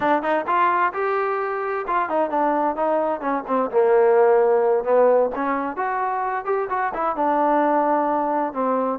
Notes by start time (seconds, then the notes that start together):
0.00 D4
0.22 D#4
0.46 F4
0.93 G4
1.87 F4
2.09 D#4
2.30 D4
2.76 D#4
3.20 C#4
3.47 C4
3.70 A#3
4.84 B3
5.35 C#4
5.76 F#4
6.45 G4
6.69 F#4
6.94 E4
7.16 D4
8.53 C4